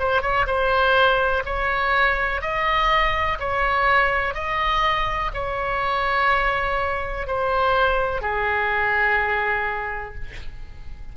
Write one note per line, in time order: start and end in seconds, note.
0.00 0.22 C5
0.22 0.46 C#5
0.47 1.43 C5
1.46 2.42 C#5
2.42 3.39 D#5
3.40 4.35 C#5
4.35 5.31 D#5
5.34 7.28 C#5
7.28 8.22 C5
8.22 10.15 G#4